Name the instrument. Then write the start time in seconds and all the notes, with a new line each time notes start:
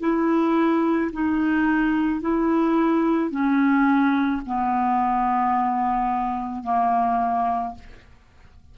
clarinet
0.00 E4
1.13 D#4
2.22 E4
3.31 C#4
4.46 B3
6.64 A#3